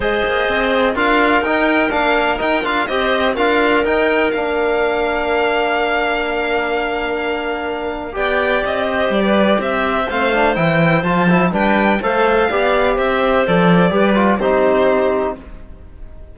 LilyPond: <<
  \new Staff \with { instrumentName = "violin" } { \time 4/4 \tempo 4 = 125 dis''2 f''4 g''4 | f''4 g''8 f''8 dis''4 f''4 | g''4 f''2.~ | f''1~ |
f''4 g''4 dis''4 d''4 | e''4 f''4 g''4 a''4 | g''4 f''2 e''4 | d''2 c''2 | }
  \new Staff \with { instrumentName = "clarinet" } { \time 4/4 c''2 ais'2~ | ais'2 c''4 ais'4~ | ais'1~ | ais'1~ |
ais'4 d''4. c''8. b'8. | c''1 | b'4 c''4 d''4 c''4~ | c''4 b'4 g'2 | }
  \new Staff \with { instrumentName = "trombone" } { \time 4/4 gis'2 f'4 dis'4 | d'4 dis'8 f'8 g'4 f'4 | dis'4 d'2.~ | d'1~ |
d'4 g'2.~ | g'4 c'8 d'8 e'4 f'8 e'8 | d'4 a'4 g'2 | a'4 g'8 f'8 dis'2 | }
  \new Staff \with { instrumentName = "cello" } { \time 4/4 gis8 ais8 c'4 d'4 dis'4 | ais4 dis'8 d'8 c'4 d'4 | dis'4 ais2.~ | ais1~ |
ais4 b4 c'4 g4 | c'4 a4 e4 f4 | g4 a4 b4 c'4 | f4 g4 c'2 | }
>>